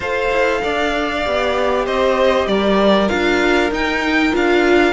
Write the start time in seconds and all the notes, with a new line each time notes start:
0.00 F4 A4 C5 F5
0.31 E4
0.63 D4 D5
1.25 B3 G4
1.85 C4 C5 D#5
2.47 G3 A#4 D5
3.08 D4 F4 F5
3.70 D#4 G5
4.31 D4 F4 F5